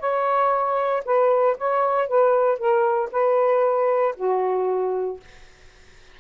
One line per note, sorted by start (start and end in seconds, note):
0.00 1.03 C#5
1.05 1.57 B4
1.58 2.08 C#5
2.08 2.59 B4
2.59 3.10 A#4
3.12 4.15 B4
4.17 5.20 F#4